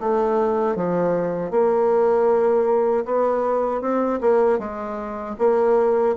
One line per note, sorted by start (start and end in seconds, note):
0.00 0.76 A3
0.76 1.51 F3
1.51 3.05 A#3
3.05 3.81 B3
3.81 4.20 C4
4.21 4.59 A#3
4.59 5.36 G#3
5.38 6.15 A#3